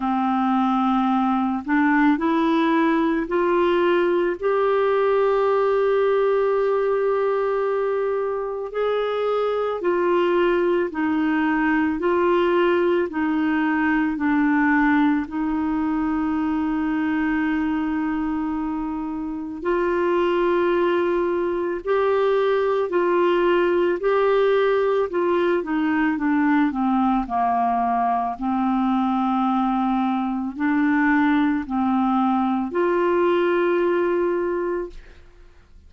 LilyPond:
\new Staff \with { instrumentName = "clarinet" } { \time 4/4 \tempo 4 = 55 c'4. d'8 e'4 f'4 | g'1 | gis'4 f'4 dis'4 f'4 | dis'4 d'4 dis'2~ |
dis'2 f'2 | g'4 f'4 g'4 f'8 dis'8 | d'8 c'8 ais4 c'2 | d'4 c'4 f'2 | }